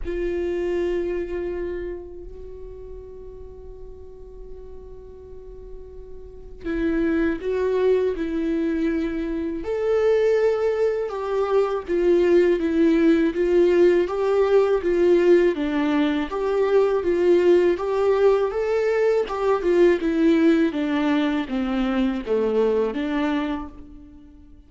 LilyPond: \new Staff \with { instrumentName = "viola" } { \time 4/4 \tempo 4 = 81 f'2. fis'4~ | fis'1~ | fis'4 e'4 fis'4 e'4~ | e'4 a'2 g'4 |
f'4 e'4 f'4 g'4 | f'4 d'4 g'4 f'4 | g'4 a'4 g'8 f'8 e'4 | d'4 c'4 a4 d'4 | }